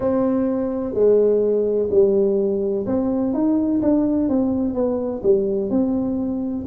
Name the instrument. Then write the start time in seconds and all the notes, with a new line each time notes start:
tuba
0.00 C4
0.94 G#3
1.90 G3
2.86 C4
3.33 D#4
3.82 D4
4.29 C4
4.74 B3
5.23 G3
5.70 C4